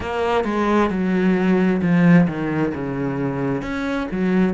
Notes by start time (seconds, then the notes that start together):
0.00 A#3
0.44 G#3
0.90 F#3
1.81 F3
2.27 D#3
2.74 C#3
3.62 C#4
4.11 F#3